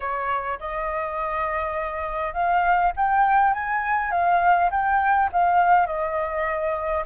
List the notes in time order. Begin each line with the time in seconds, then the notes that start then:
0.00 C#5
0.59 D#5
2.33 F5
2.96 G5
3.53 G#5
4.11 F5
4.70 G5
5.32 F5
5.86 D#5